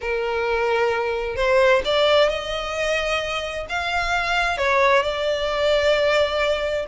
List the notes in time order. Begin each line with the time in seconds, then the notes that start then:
0.01 A#4
1.36 C5
1.84 D5
2.29 D#5
3.69 F5
4.57 C#5
5.02 D5